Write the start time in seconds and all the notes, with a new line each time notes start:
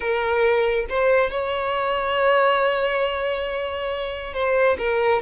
0.00 A#4
0.89 C5
1.30 C#5
4.33 C5
4.78 A#4